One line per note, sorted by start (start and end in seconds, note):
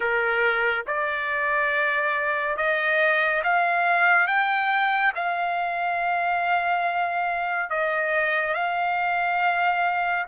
0.00 0.85 A#4
0.86 2.56 D5
2.56 3.42 D#5
3.43 4.27 F5
4.27 5.12 G5
5.15 7.69 F5
7.69 8.54 D#5
8.54 10.25 F5